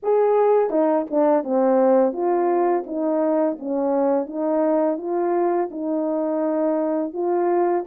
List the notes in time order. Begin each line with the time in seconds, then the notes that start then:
0.02 G#4
0.69 D#4
1.10 D4
1.43 C4
2.12 F4
2.86 D#4
3.59 C#4
4.26 D#4
4.97 F4
5.70 D#4
7.13 F4